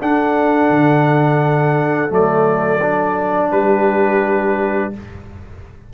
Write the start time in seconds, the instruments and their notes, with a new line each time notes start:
0.00 tuba D4, trombone D4, horn A4, trumpet F#5
0.70 tuba D3
2.10 tuba F#3, trombone A3, trumpet D5
2.82 trombone D4
3.51 tuba G3, horn G4, trumpet B4